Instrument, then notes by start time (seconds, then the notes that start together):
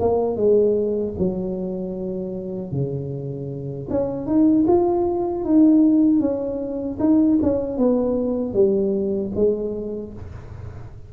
tuba
0.00 A#3
0.36 G#3
1.18 F#3
2.72 C#3
3.90 C#4
4.26 D#4
4.67 F4
5.44 D#4
6.20 C#4
7.00 D#4
7.43 C#4
7.78 B3
8.54 G3
9.35 G#3